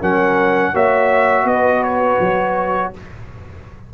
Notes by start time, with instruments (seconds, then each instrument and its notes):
0.00 tuba F#3, trombone C#4, horn A#4, trumpet F#5
0.72 tuba A#3, trombone F#4, horn C#5, trumpet E5
1.44 tuba B3, horn B4, trumpet D#5
1.83 trumpet C#5
2.20 tuba F#3